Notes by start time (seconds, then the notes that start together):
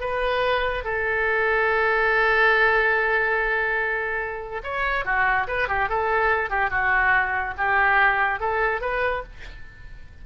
0.00 B4
0.84 A4
4.63 C#5
5.05 F#4
5.47 B4
5.68 G4
5.89 A4
6.50 G4
6.70 F#4
7.57 G4
8.40 A4
8.81 B4